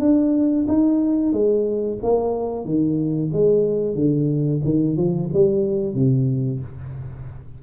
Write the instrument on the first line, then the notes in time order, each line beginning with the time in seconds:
tuba
0.00 D4
0.68 D#4
1.32 G#3
2.03 A#3
2.65 D#3
3.33 G#3
3.95 D3
4.64 D#3
4.97 F3
5.33 G3
5.94 C3